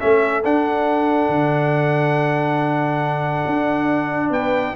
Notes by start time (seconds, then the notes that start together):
0.00 A3 C#4 A4 E5
0.44 D4 F#5
1.29 D3
3.46 D4
4.31 B3 B4 G5